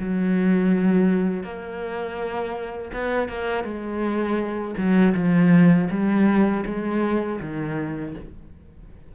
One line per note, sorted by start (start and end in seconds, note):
0.00 1.44 F#3
1.44 2.92 A#3
2.93 3.29 B3
3.29 3.64 A#3
3.64 4.75 G#3
4.77 5.14 F#3
5.15 5.89 F3
5.91 6.65 G3
6.66 7.40 G#3
7.41 8.15 D#3